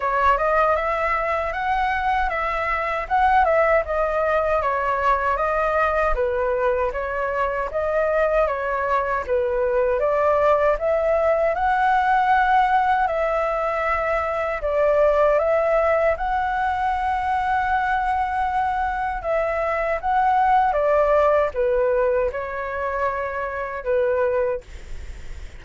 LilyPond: \new Staff \with { instrumentName = "flute" } { \time 4/4 \tempo 4 = 78 cis''8 dis''8 e''4 fis''4 e''4 | fis''8 e''8 dis''4 cis''4 dis''4 | b'4 cis''4 dis''4 cis''4 | b'4 d''4 e''4 fis''4~ |
fis''4 e''2 d''4 | e''4 fis''2.~ | fis''4 e''4 fis''4 d''4 | b'4 cis''2 b'4 | }